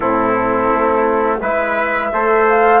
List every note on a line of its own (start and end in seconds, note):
0.00 0.72 A2
0.00 1.39 C4
0.00 1.39 E4
0.00 1.40 A4
0.73 1.41 A3
1.41 2.11 G#3
1.41 2.12 E4
1.41 2.11 B4
1.41 2.46 E5
2.12 2.80 A3
2.12 2.80 A4
2.12 2.80 C5
2.49 2.80 F5